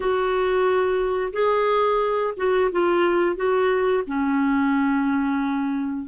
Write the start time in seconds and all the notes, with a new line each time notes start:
0.00 F#4
1.33 G#4
2.37 F#4
2.71 F4
3.36 F#4
4.06 C#4